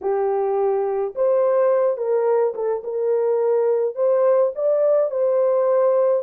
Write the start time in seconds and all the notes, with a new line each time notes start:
0.01 G4
1.15 C5
1.97 A#4
2.54 A4
2.83 A#4
3.95 C5
4.55 D5
5.10 C5